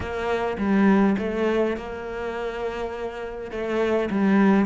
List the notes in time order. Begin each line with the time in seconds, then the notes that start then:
0.00 A#3
0.57 G3
1.18 A3
1.77 A#3
3.51 A3
4.10 G3